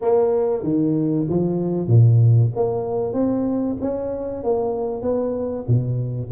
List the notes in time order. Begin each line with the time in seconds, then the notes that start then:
0.01 A#3
0.63 D#3
1.29 F3
1.87 A#2
2.55 A#3
3.13 C4
3.81 C#4
4.43 A#3
5.02 B3
5.67 B2